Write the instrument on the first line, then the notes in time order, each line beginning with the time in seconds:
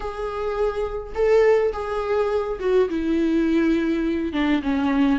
viola
0.00 G#4
1.14 A4
1.72 G#4
2.59 F#4
2.89 E4
4.33 D4
4.62 C#4